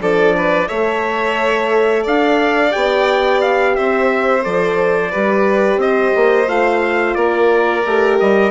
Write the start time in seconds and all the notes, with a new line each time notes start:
0.00 F3 D4 A4 D5
0.37 B4
0.67 A3 A4 C#5 E5
2.03 D4 D5 F5
2.71 B3 G4 G5
3.41 F5
3.75 C4 C5 E5
4.42 F3 A4 D5
5.11 G3 G4 B4
5.76 C4 C5 D#5
6.15 A#3
6.47 A3 F4 F5
7.14 A#3 A#4 D5
7.85 A3 G4
8.19 G3 D#5